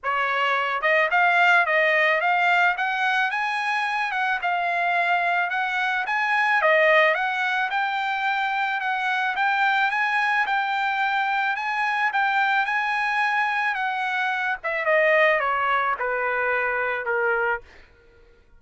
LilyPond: \new Staff \with { instrumentName = "trumpet" } { \time 4/4 \tempo 4 = 109 cis''4. dis''8 f''4 dis''4 | f''4 fis''4 gis''4. fis''8 | f''2 fis''4 gis''4 | dis''4 fis''4 g''2 |
fis''4 g''4 gis''4 g''4~ | g''4 gis''4 g''4 gis''4~ | gis''4 fis''4. e''8 dis''4 | cis''4 b'2 ais'4 | }